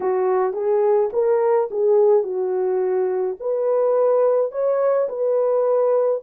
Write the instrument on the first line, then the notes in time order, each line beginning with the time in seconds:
horn
0.00 F#4
0.53 G#4
1.12 A#4
1.71 G#4
2.23 F#4
3.40 B4
4.51 C#5
5.08 B4